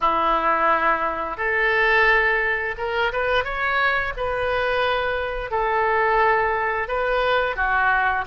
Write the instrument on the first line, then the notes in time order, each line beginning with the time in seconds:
oboe
0.01 E4
1.37 A4
2.77 A#4
3.12 B4
3.44 C#5
4.17 B4
5.50 A4
6.88 B4
7.55 F#4